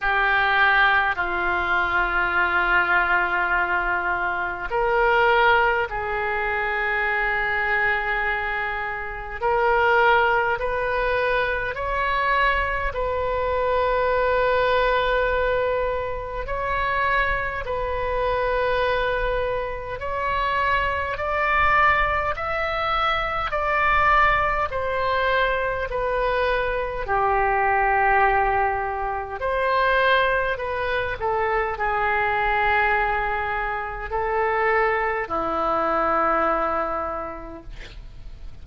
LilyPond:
\new Staff \with { instrumentName = "oboe" } { \time 4/4 \tempo 4 = 51 g'4 f'2. | ais'4 gis'2. | ais'4 b'4 cis''4 b'4~ | b'2 cis''4 b'4~ |
b'4 cis''4 d''4 e''4 | d''4 c''4 b'4 g'4~ | g'4 c''4 b'8 a'8 gis'4~ | gis'4 a'4 e'2 | }